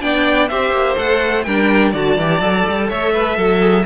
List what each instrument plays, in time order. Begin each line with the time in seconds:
0.00 cello B3, viola D4, violin D5 G5
0.48 cello C4, viola G4, violin C5 E5
0.71 cello A#3
0.96 cello A3, viola A4, violin F#5
1.43 cello G3, viola D4, violin A#4 G5
1.91 cello D3, viola F#4, violin D5 A5
2.16 cello E3, viola G4
2.40 cello F#3, viola A4
2.68 cello G3
2.88 cello A3, violin C#5 E5
3.13 violin B4
3.36 cello F#3, violin A4
3.61 viola G#4